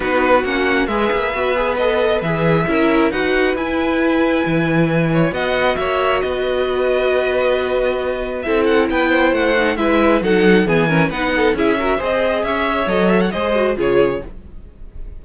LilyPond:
<<
  \new Staff \with { instrumentName = "violin" } { \time 4/4 \tempo 4 = 135 b'4 fis''4 e''2 | dis''4 e''2 fis''4 | gis''1 | fis''4 e''4 dis''2~ |
dis''2. e''8 fis''8 | g''4 fis''4 e''4 fis''4 | gis''4 fis''4 e''4 dis''4 | e''4 dis''8 e''16 fis''16 dis''4 cis''4 | }
  \new Staff \with { instrumentName = "violin" } { \time 4/4 fis'2 b'2~ | b'2 ais'4 b'4~ | b'2.~ b'8 cis''8 | dis''4 cis''4 b'2~ |
b'2. a'4 | b'8 c''4. b'4 a'4 | gis'8 ais'8 b'8 a'8 gis'8 ais'8 c''4 | cis''2 c''4 gis'4 | }
  \new Staff \with { instrumentName = "viola" } { \time 4/4 dis'4 cis'4 gis'4 fis'8 gis'8 | a'4 gis'4 e'4 fis'4 | e'1 | fis'1~ |
fis'2. e'4~ | e'4. dis'8 e'4 dis'4 | b8 cis'8 dis'4 e'8 fis'8 gis'4~ | gis'4 a'4 gis'8 fis'8 f'4 | }
  \new Staff \with { instrumentName = "cello" } { \time 4/4 b4 ais4 gis8 ais8 b4~ | b4 e4 cis'4 dis'4 | e'2 e2 | b4 ais4 b2~ |
b2. c'4 | b4 a4 gis4 fis4 | e4 b4 cis'4 c'4 | cis'4 fis4 gis4 cis4 | }
>>